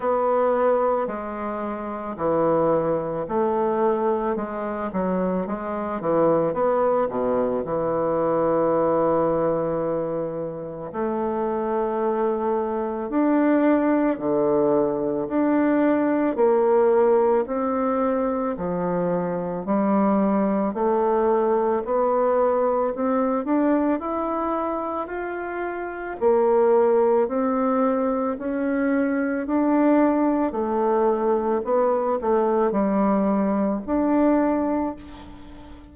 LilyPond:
\new Staff \with { instrumentName = "bassoon" } { \time 4/4 \tempo 4 = 55 b4 gis4 e4 a4 | gis8 fis8 gis8 e8 b8 b,8 e4~ | e2 a2 | d'4 d4 d'4 ais4 |
c'4 f4 g4 a4 | b4 c'8 d'8 e'4 f'4 | ais4 c'4 cis'4 d'4 | a4 b8 a8 g4 d'4 | }